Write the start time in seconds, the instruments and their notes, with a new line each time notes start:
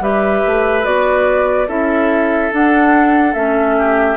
0.00 bassoon G3, clarinet G4, oboe B4, flute E5
0.46 bassoon A3
0.83 bassoon B3, clarinet F#4, flute D5
1.68 bassoon C#4, clarinet E4, oboe A4, flute E5
2.51 clarinet D4, bassoon D4, flute F#5
3.34 bassoon A3, clarinet C#4, flute E5
3.78 oboe G4